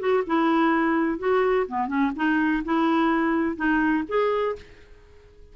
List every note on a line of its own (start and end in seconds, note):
0.00 0.24 F#4
0.27 1.19 E4
1.19 1.67 F#4
1.68 1.88 B3
1.88 2.12 C#4
2.16 2.64 D#4
2.65 3.57 E4
3.57 4.04 D#4
4.09 4.56 G#4